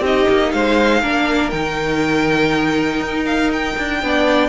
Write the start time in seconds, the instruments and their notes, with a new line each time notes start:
0.00 cello C4, viola D#4, violin G4 D#5
0.29 cello A#3
0.52 cello G#3, violin C5 F5
1.01 cello A#3, viola D4, violin A#4
1.50 cello D#3, viola D#4, violin G5
3.00 cello D#4
3.26 violin F5
3.53 violin G5
3.78 cello D4
4.03 cello B3, viola D4, violin D5